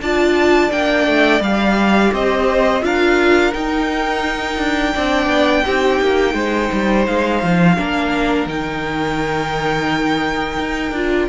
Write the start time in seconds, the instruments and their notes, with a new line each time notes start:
0.00 cello D4, viola F4, violin D5 A5
0.70 cello A#3, viola D4, violin G5
1.07 cello A3
1.40 cello G3, viola G4, violin F5
2.12 cello C4, violin C5 D#5
2.81 cello D4, viola F4, violin A#4 F5
3.52 viola D#4, cello D#4, violin G5
4.58 cello D4
4.93 cello C4, viola D4, violin D5
5.26 cello B3
5.64 cello C4, viola D#4, violin G4
6.00 cello A#3
6.33 cello G#3, violin C5
6.72 cello G3
7.06 cello G#3, violin F5
7.42 cello F3
7.76 cello A#3, viola D4, violin A#4
8.46 cello D#3, viola D#4, violin G5
10.59 cello D#4
10.91 cello D4, viola F4